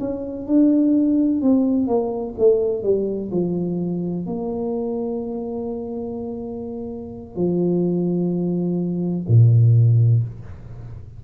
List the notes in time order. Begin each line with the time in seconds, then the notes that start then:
0.00 C#4
0.47 D4
1.42 C4
1.87 A#3
2.39 A3
2.83 G3
3.31 F3
4.26 A#3
7.36 F3
9.28 A#2